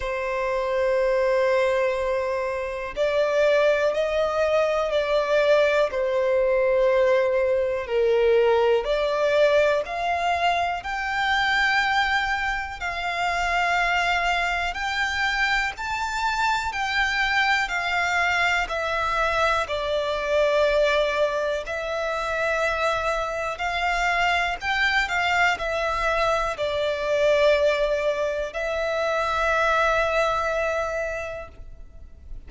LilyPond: \new Staff \with { instrumentName = "violin" } { \time 4/4 \tempo 4 = 61 c''2. d''4 | dis''4 d''4 c''2 | ais'4 d''4 f''4 g''4~ | g''4 f''2 g''4 |
a''4 g''4 f''4 e''4 | d''2 e''2 | f''4 g''8 f''8 e''4 d''4~ | d''4 e''2. | }